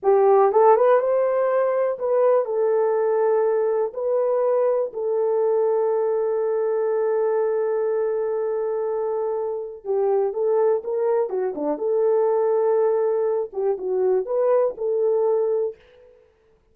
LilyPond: \new Staff \with { instrumentName = "horn" } { \time 4/4 \tempo 4 = 122 g'4 a'8 b'8 c''2 | b'4 a'2. | b'2 a'2~ | a'1~ |
a'1 | g'4 a'4 ais'4 fis'8 d'8 | a'2.~ a'8 g'8 | fis'4 b'4 a'2 | }